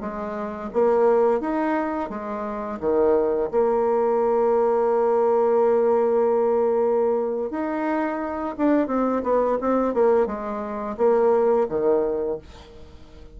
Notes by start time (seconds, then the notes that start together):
0.00 G#3
0.73 A#3
1.40 D#4
2.09 G#3
2.79 D#3
3.51 A#3
7.50 D#4
8.57 D4
8.87 C4
9.23 B3
9.61 C4
9.94 A#3
10.26 G#3
10.97 A#3
11.69 D#3